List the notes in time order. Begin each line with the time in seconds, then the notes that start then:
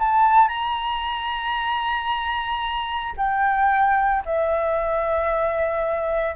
0.00 A5
0.49 A#5
3.18 G5
4.26 E5